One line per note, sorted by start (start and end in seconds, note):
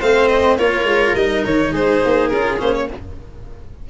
0.00 0.58 A3
0.00 0.59 C4
0.00 0.58 C5
0.00 0.28 F5
0.28 0.57 D#5
0.58 0.84 A#3
0.58 1.17 F4
0.58 1.72 A#4
0.58 1.16 C#5
0.84 1.13 G#3
1.15 1.44 G3
1.15 2.33 D#4
1.15 1.45 D#5
1.46 1.72 D#3
1.46 1.75 C#5
1.72 2.01 G#3
1.72 2.88 G#4
1.72 2.28 C5
2.05 2.32 A#3
2.28 2.61 C#4
2.28 2.59 F4
2.28 2.57 A#4
2.59 2.90 A#3
2.59 2.88 C#4
2.59 2.75 C5
2.75 2.89 C#5